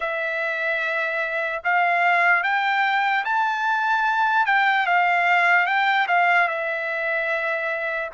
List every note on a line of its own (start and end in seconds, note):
0.00 1.62 E5
1.64 2.43 F5
2.43 3.24 G5
3.24 4.46 A5
4.46 4.86 G5
4.86 5.66 F5
5.66 6.07 G5
6.07 6.48 F5
6.48 8.10 E5